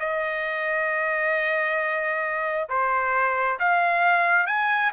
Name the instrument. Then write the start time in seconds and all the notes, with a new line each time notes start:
trumpet
0.00 D#5
2.69 C5
3.60 F5
4.47 G#5